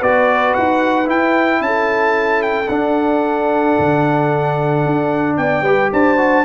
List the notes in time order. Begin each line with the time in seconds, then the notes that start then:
0.00 B3 F#4 B4 D5
0.54 D#4 F#5
1.05 E4 G5
1.61 C#4 A4 A5
2.43 G5
2.69 D4 F#5
3.79 D3
4.86 D4
5.37 B3 D5 G5
5.62 G3 G4 B4
5.93 D4 C5 A5
6.18 F#4